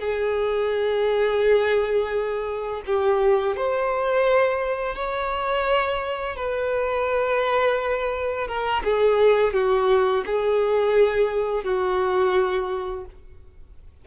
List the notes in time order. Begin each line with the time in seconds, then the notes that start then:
0.00 G#4
2.87 G4
3.56 C5
4.96 C#5
6.37 B4
8.48 A#4
8.84 G#4
9.54 F#4
10.26 G#4
11.64 F#4